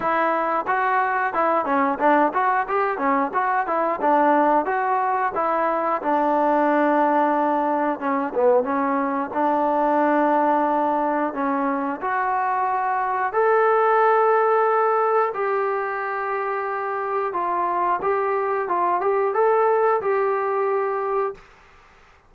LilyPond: \new Staff \with { instrumentName = "trombone" } { \time 4/4 \tempo 4 = 90 e'4 fis'4 e'8 cis'8 d'8 fis'8 | g'8 cis'8 fis'8 e'8 d'4 fis'4 | e'4 d'2. | cis'8 b8 cis'4 d'2~ |
d'4 cis'4 fis'2 | a'2. g'4~ | g'2 f'4 g'4 | f'8 g'8 a'4 g'2 | }